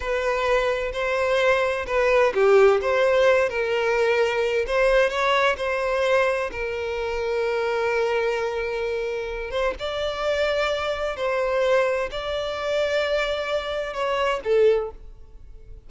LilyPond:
\new Staff \with { instrumentName = "violin" } { \time 4/4 \tempo 4 = 129 b'2 c''2 | b'4 g'4 c''4. ais'8~ | ais'2 c''4 cis''4 | c''2 ais'2~ |
ais'1~ | ais'8 c''8 d''2. | c''2 d''2~ | d''2 cis''4 a'4 | }